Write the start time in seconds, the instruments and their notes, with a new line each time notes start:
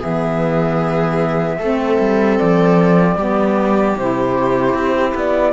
0.00 cello E3, saxophone B3, viola G#4, flute E5
1.59 cello A3, saxophone C4, viola A4
2.00 cello G3
2.38 cello F3, flute D5
3.16 cello G3, saxophone B3, viola G4
3.97 cello C3, saxophone E4, flute C5
4.74 cello C4
5.15 cello B3, flute D5